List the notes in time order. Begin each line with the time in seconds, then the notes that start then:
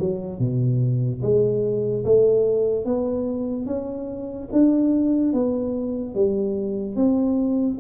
0.00 F#3
0.39 B2
1.22 G#3
2.05 A3
2.85 B3
3.67 C#4
4.52 D4
5.33 B3
6.15 G3
6.96 C4